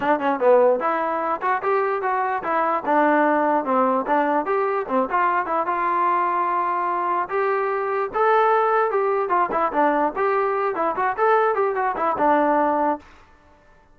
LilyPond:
\new Staff \with { instrumentName = "trombone" } { \time 4/4 \tempo 4 = 148 d'8 cis'8 b4 e'4. fis'8 | g'4 fis'4 e'4 d'4~ | d'4 c'4 d'4 g'4 | c'8 f'4 e'8 f'2~ |
f'2 g'2 | a'2 g'4 f'8 e'8 | d'4 g'4. e'8 fis'8 a'8~ | a'8 g'8 fis'8 e'8 d'2 | }